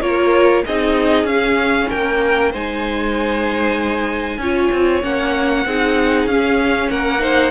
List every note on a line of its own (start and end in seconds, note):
0.00 0.62 A#3
0.00 0.63 F4
0.00 0.64 A#4
0.00 0.63 C#5
0.66 1.23 C4
0.66 1.27 D#4
0.66 1.89 G#4
0.66 1.26 D#5
1.23 1.86 C#4
1.23 2.52 C#4
1.23 1.88 F5
1.89 2.53 A#3
1.89 2.50 A#4
1.89 2.52 G5
2.50 4.37 G#3
2.50 4.41 D#4
2.50 4.38 C5
2.50 5.03 G#5
4.37 4.68 C#4
4.37 5.02 F4
4.37 5.66 C#5
4.71 5.03 C4
5.02 5.65 A#3
5.02 5.64 C#4
5.02 6.27 F#5
5.65 6.26 C4
5.65 6.29 D#4
5.65 6.90 G#4
6.26 6.88 C#4
6.26 7.18 C#4
6.26 6.89 F5
6.90 7.51 A#3
6.90 7.21 A#4
6.90 7.51 F#5
7.18 7.49 D#4
7.18 7.51 C5